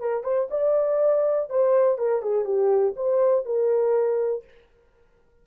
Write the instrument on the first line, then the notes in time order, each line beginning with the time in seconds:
horn
0.00 A#4
0.24 C5
0.51 D5
1.50 C5
1.98 A#4
2.22 G#4
2.45 G4
2.96 C5
3.46 A#4